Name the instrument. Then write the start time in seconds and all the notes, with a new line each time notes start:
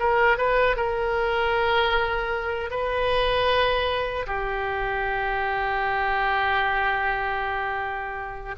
oboe
0.00 A#4
0.38 B4
0.77 A#4
2.71 B4
4.27 G4